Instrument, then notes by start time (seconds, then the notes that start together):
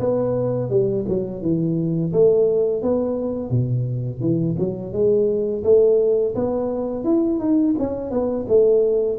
tuba
0.00 B3
0.70 G3
1.08 F#3
1.42 E3
2.13 A3
2.82 B3
3.50 B2
4.21 E3
4.59 F#3
4.93 G#3
5.64 A3
6.35 B3
7.05 E4
7.40 D#4
7.79 C#4
8.11 B3
8.49 A3